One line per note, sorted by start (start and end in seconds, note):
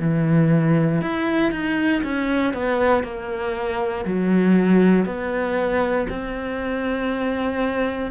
0.00 1.01 E3
1.01 1.52 E4
1.52 2.02 D#4
2.03 2.53 C#4
2.53 3.04 B3
3.04 4.05 A#3
4.05 5.06 F#3
5.06 6.07 B3
6.10 8.11 C4